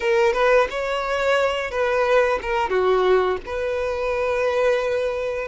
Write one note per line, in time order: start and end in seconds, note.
0.00 0.33 A#4
0.33 0.67 B4
0.69 1.70 C#5
1.70 2.39 B4
2.41 2.69 A#4
2.69 3.37 F#4
3.45 5.48 B4